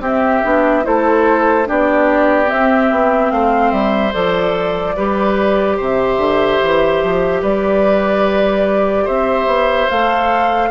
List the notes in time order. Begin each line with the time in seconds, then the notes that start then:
0.00 C4 G4 E5
0.43 B3 D4
0.83 A3 E4 A4 C5
1.65 B3 D4 G4 D5
2.46 C4 E5
2.91 B3
3.31 A3 C5 F5
3.71 G3 E5
4.12 F3 A4 D5
4.96 G3 G4 B4
5.77 C3 C5 E5
6.17 D3
6.62 E3
7.03 F3
7.42 G3 B4 D5
9.04 C4 C5 E5
9.46 B3
9.89 A3 A4 F5